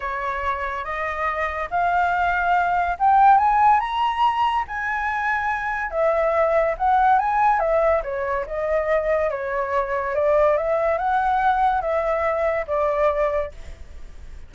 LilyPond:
\new Staff \with { instrumentName = "flute" } { \time 4/4 \tempo 4 = 142 cis''2 dis''2 | f''2. g''4 | gis''4 ais''2 gis''4~ | gis''2 e''2 |
fis''4 gis''4 e''4 cis''4 | dis''2 cis''2 | d''4 e''4 fis''2 | e''2 d''2 | }